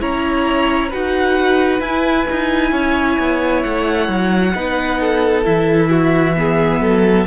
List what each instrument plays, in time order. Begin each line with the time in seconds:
0.00 cello C#4, viola E4, violin C#5 A#5
0.89 cello D#4, viola F#4, violin B4 F#5
1.80 cello E4, viola E4, violin G#5
2.31 cello D#4
2.72 cello C#4, violin C#5
3.19 cello B3
3.63 cello A3, violin F#5
4.09 cello F#3
4.55 cello B3, viola D#4, violin B4
5.01 violin A4
5.44 cello E3, viola E4, violin E5
5.90 violin F#4
6.37 viola B3, violin G#4
6.80 cello F#3, violin A4